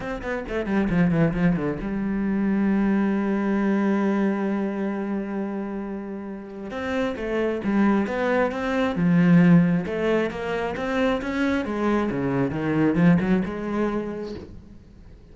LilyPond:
\new Staff \with { instrumentName = "cello" } { \time 4/4 \tempo 4 = 134 c'8 b8 a8 g8 f8 e8 f8 d8 | g1~ | g1~ | g2. c'4 |
a4 g4 b4 c'4 | f2 a4 ais4 | c'4 cis'4 gis4 cis4 | dis4 f8 fis8 gis2 | }